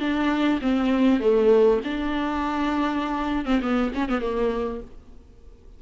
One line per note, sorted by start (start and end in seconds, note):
0.00 0.60 D4
0.62 1.20 C4
1.20 1.80 A3
1.84 3.46 D4
3.46 3.61 C4
3.62 3.92 B3
3.95 4.09 C#4
4.09 4.21 B3
4.21 4.81 A#3